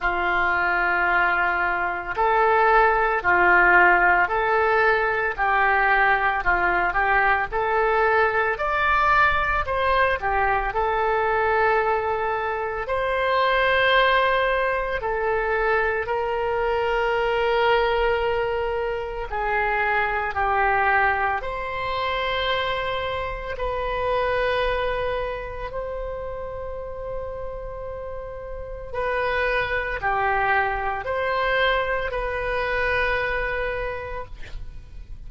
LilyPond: \new Staff \with { instrumentName = "oboe" } { \time 4/4 \tempo 4 = 56 f'2 a'4 f'4 | a'4 g'4 f'8 g'8 a'4 | d''4 c''8 g'8 a'2 | c''2 a'4 ais'4~ |
ais'2 gis'4 g'4 | c''2 b'2 | c''2. b'4 | g'4 c''4 b'2 | }